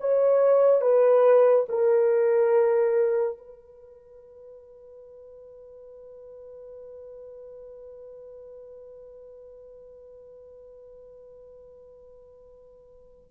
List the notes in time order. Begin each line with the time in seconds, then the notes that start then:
0.00 C#5
0.81 B4
1.69 A#4
3.38 B4